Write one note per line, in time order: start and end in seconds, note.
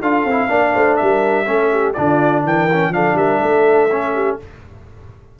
0.00 0.25 D4
0.00 0.27 F4
0.00 0.48 A4
0.00 0.96 F5
0.25 0.49 C4
0.25 0.48 E4
0.48 0.74 A#3
0.48 1.45 D4
0.48 0.74 D5
0.74 1.00 A3
0.74 0.98 C5
0.96 1.47 G3
0.96 1.46 A#4
0.96 1.93 E5
1.46 1.96 A3
1.46 1.94 C#4
1.46 1.70 A4
1.71 1.95 G4
1.93 2.44 D3
1.93 2.69 D4
1.93 2.44 F4
1.93 2.42 D5
2.44 2.89 E3
2.44 2.92 A#4
2.44 2.93 G5
2.72 2.93 C#4
2.89 3.14 F3
2.89 3.90 D4
2.89 3.17 A4
2.89 3.17 F5
3.15 3.39 G3
3.15 3.41 A#4
3.15 4.38 E5
3.41 4.39 A3
3.41 4.13 A4
3.91 4.40 C#4
4.14 4.38 G4